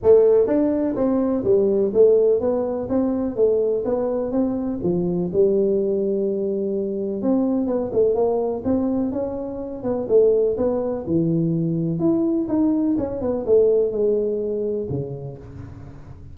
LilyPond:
\new Staff \with { instrumentName = "tuba" } { \time 4/4 \tempo 4 = 125 a4 d'4 c'4 g4 | a4 b4 c'4 a4 | b4 c'4 f4 g4~ | g2. c'4 |
b8 a8 ais4 c'4 cis'4~ | cis'8 b8 a4 b4 e4~ | e4 e'4 dis'4 cis'8 b8 | a4 gis2 cis4 | }